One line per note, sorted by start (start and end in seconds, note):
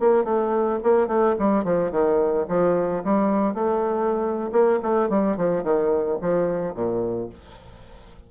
0.00 0.25 A#3
0.25 0.80 A3
0.84 1.08 A#3
1.08 1.35 A3
1.39 1.65 G3
1.65 1.92 F3
1.92 2.47 D#3
2.49 3.04 F3
3.05 3.55 G3
3.55 4.51 A3
4.52 4.80 A#3
4.83 5.10 A3
5.10 5.37 G3
5.37 5.64 F3
5.64 6.19 D#3
6.22 6.75 F3
6.75 7.30 A#2